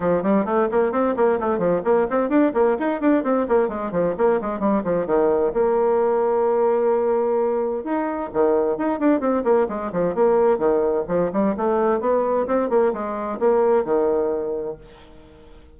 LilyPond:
\new Staff \with { instrumentName = "bassoon" } { \time 4/4 \tempo 4 = 130 f8 g8 a8 ais8 c'8 ais8 a8 f8 | ais8 c'8 d'8 ais8 dis'8 d'8 c'8 ais8 | gis8 f8 ais8 gis8 g8 f8 dis4 | ais1~ |
ais4 dis'4 dis4 dis'8 d'8 | c'8 ais8 gis8 f8 ais4 dis4 | f8 g8 a4 b4 c'8 ais8 | gis4 ais4 dis2 | }